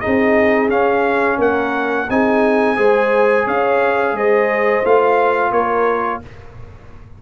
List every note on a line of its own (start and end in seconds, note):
0.00 0.70 D#4
0.00 1.37 G#4
0.00 0.69 D#5
0.06 0.69 C4
0.69 1.38 C#4
0.69 2.08 C#4
0.69 1.39 F5
1.37 2.08 A#3
1.37 2.06 A#4
1.37 2.10 F#5
2.09 2.78 C4
2.09 2.76 D#4
2.09 2.77 G#4
2.09 3.48 G#5
2.76 3.46 G#3
2.76 4.83 G#4
2.76 3.45 C5
3.45 4.13 C#4
3.45 4.14 C#5
3.45 4.17 F5
4.13 4.82 G#3
4.13 5.52 C5
4.13 4.85 D#5
4.84 5.51 A3
4.84 6.22 F4
4.84 5.52 F5
5.51 6.20 A#3
5.51 6.21 A#4
5.51 6.21 C#5